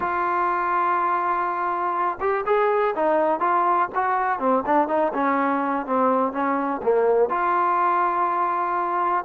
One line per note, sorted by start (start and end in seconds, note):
0.00 2.18 F4
2.20 2.44 G4
2.46 2.94 G#4
2.95 3.40 D#4
3.40 3.88 F4
3.94 4.39 F#4
4.39 4.63 C4
4.66 4.88 D4
4.88 5.12 D#4
5.13 5.86 C#4
5.86 6.32 C4
6.32 6.81 C#4
6.82 7.29 A#3
7.29 9.24 F4